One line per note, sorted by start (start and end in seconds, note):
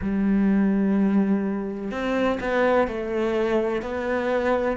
0.01 1.91 G3
1.91 2.39 C4
2.40 2.87 B3
2.87 3.81 A3
3.81 4.77 B3